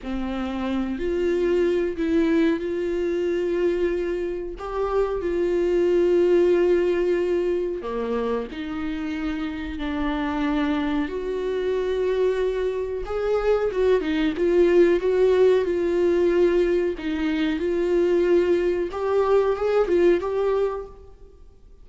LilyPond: \new Staff \with { instrumentName = "viola" } { \time 4/4 \tempo 4 = 92 c'4. f'4. e'4 | f'2. g'4 | f'1 | ais4 dis'2 d'4~ |
d'4 fis'2. | gis'4 fis'8 dis'8 f'4 fis'4 | f'2 dis'4 f'4~ | f'4 g'4 gis'8 f'8 g'4 | }